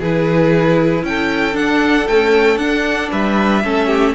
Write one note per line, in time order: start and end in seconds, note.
0.00 1.03 E3
0.00 1.53 E4
0.00 1.03 G#4
0.00 1.05 B4
1.03 1.55 C#4
1.03 3.12 A4
1.03 1.57 G5
1.53 2.05 D4
1.53 2.07 D4
1.53 2.08 F#5
2.08 2.59 A3
2.08 2.57 C#4
2.08 2.58 G5
2.57 3.09 D4
2.57 3.63 D4
2.57 3.10 F#5
3.12 3.64 G3
3.12 3.64 B4
3.12 4.15 E5
3.64 4.15 A3
3.64 4.15 C#4
3.64 3.87 A4
3.87 4.13 G4